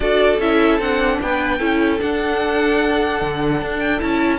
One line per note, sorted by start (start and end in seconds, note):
0.00 0.39 D4
0.00 0.40 F#4
0.00 1.21 A4
0.00 0.39 D5
0.39 0.79 C#4
0.39 0.81 E4
0.39 0.80 E5
0.79 1.19 C4
0.79 1.60 D4
0.79 1.20 F#5
1.21 1.60 B3
1.21 1.58 B4
1.21 2.00 G5
1.58 2.00 C#4
1.58 1.99 E4
1.58 4.38 A4
1.99 3.98 D4
1.99 3.21 D4
1.99 3.79 F#5
3.21 3.61 D3
3.61 4.01 D4
3.79 3.99 G5
3.98 4.39 C#4
3.98 4.38 E4
3.98 4.39 A5